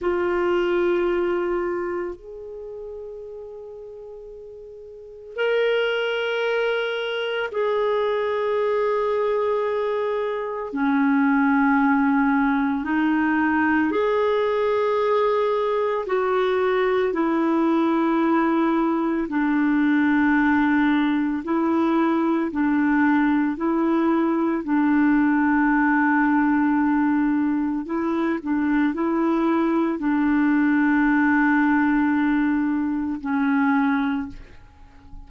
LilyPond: \new Staff \with { instrumentName = "clarinet" } { \time 4/4 \tempo 4 = 56 f'2 gis'2~ | gis'4 ais'2 gis'4~ | gis'2 cis'2 | dis'4 gis'2 fis'4 |
e'2 d'2 | e'4 d'4 e'4 d'4~ | d'2 e'8 d'8 e'4 | d'2. cis'4 | }